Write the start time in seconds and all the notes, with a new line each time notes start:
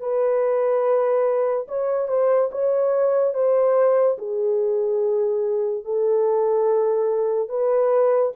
0.00 B4
1.67 C#5
2.08 C5
2.51 C#5
3.34 C5
4.17 G#4
5.84 A4
7.48 B4